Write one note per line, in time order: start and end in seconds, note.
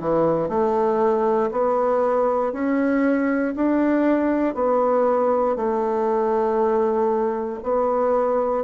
0.00 0.49 E3
0.49 1.50 A3
1.51 2.52 B3
2.52 3.54 C#4
3.55 4.54 D4
4.54 5.56 B3
5.56 7.59 A3
7.63 8.64 B3